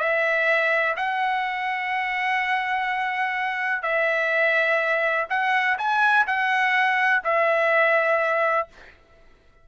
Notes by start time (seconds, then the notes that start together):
0.00 E5
0.97 F#5
3.83 E5
5.30 F#5
5.78 G#5
6.27 F#5
7.24 E5